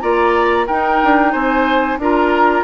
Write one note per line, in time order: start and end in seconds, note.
0.00 0.68 A#3
0.00 0.66 F4
0.00 0.66 D5
0.00 0.66 A#5
0.66 1.01 D#4
0.66 2.01 D#4
0.66 1.32 A#4
0.66 1.32 G5
1.03 1.34 D4
1.32 1.97 C4
1.32 1.98 C5
1.32 1.98 G#5
1.97 2.63 D4
1.97 2.64 F4
1.97 2.64 A#4
1.97 2.64 A#5